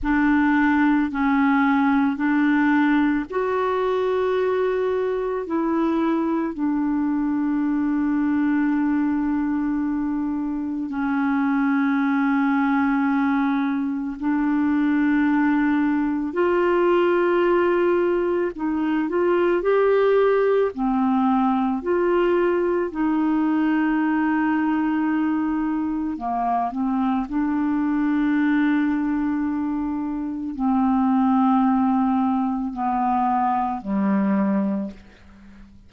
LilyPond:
\new Staff \with { instrumentName = "clarinet" } { \time 4/4 \tempo 4 = 55 d'4 cis'4 d'4 fis'4~ | fis'4 e'4 d'2~ | d'2 cis'2~ | cis'4 d'2 f'4~ |
f'4 dis'8 f'8 g'4 c'4 | f'4 dis'2. | ais8 c'8 d'2. | c'2 b4 g4 | }